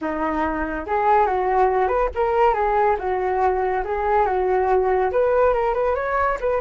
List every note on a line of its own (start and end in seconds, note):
0.01 0.86 D#4
0.86 1.26 G#4
1.26 1.88 F#4
1.88 2.09 B4
2.14 2.54 A#4
2.54 2.96 G#4
2.98 3.83 F#4
3.84 4.26 G#4
4.26 5.11 F#4
5.11 5.53 B4
5.53 5.74 A#4
5.74 5.95 B4
5.95 6.37 C#5
6.40 6.60 B4